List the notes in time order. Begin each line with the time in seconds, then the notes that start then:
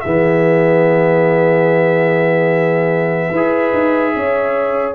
0.00 E3 B3 G#4 E5
3.30 E4 B4
3.36 G#4
3.73 D#4
4.16 C#4 C#5